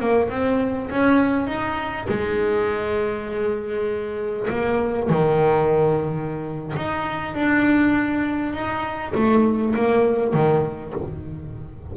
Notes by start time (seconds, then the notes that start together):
0.00 A#3
0.30 C4
0.91 C#4
1.47 D#4
2.09 G#3
4.50 A#3
5.10 D#3
6.76 D#4
7.35 D4
8.53 D#4
9.15 A3
9.76 A#3
10.34 D#3